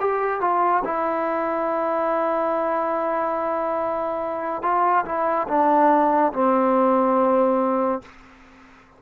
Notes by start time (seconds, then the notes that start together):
0.00 G4
0.41 F4
0.85 E4
4.62 F4
5.05 E4
5.48 D4
6.33 C4